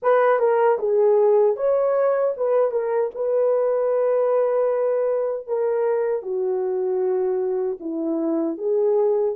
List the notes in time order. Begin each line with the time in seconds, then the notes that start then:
0.02 B4
0.39 A#4
0.79 G#4
1.56 C#5
2.36 B4
2.71 A#4
3.14 B4
5.47 A#4
6.22 F#4
7.80 E4
8.57 G#4